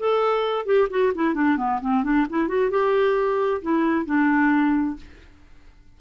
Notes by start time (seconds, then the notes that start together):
0.00 A4
0.66 G4
0.90 F#4
1.15 E4
1.35 D4
1.57 B3
1.81 C4
2.04 D4
2.30 E4
2.48 F#4
2.71 G4
3.62 E4
4.06 D4